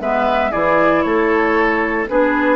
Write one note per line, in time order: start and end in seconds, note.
0.00 0.52 G#3
0.00 0.51 B3
0.00 0.51 B4
0.00 0.51 E5
0.51 1.05 E3
0.51 2.06 E4
0.51 1.02 G#4
0.51 1.02 D5
1.02 2.08 A3
1.02 2.09 A4
1.02 2.05 C#5
2.09 2.55 B3
2.09 2.55 D4
2.09 2.55 G#4
2.09 2.55 B4